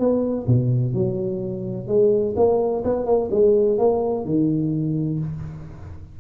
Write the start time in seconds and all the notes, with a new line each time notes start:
0.00 B3
0.48 B2
0.94 F#3
1.88 G#3
2.37 A#3
2.85 B3
3.06 A#3
3.32 G#3
3.79 A#3
4.25 D#3